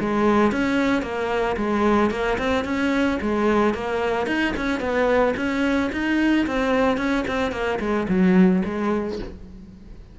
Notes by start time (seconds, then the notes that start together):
0.00 G#3
0.51 C#4
1.02 A#3
1.57 G#3
2.10 A#3
2.38 C4
2.64 C#4
3.21 G#3
3.74 A#3
4.26 D#4
4.56 C#4
4.80 B3
5.36 C#4
5.92 D#4
6.46 C4
6.97 C#4
7.27 C4
7.52 A#3
7.80 G#3
8.08 F#3
8.65 G#3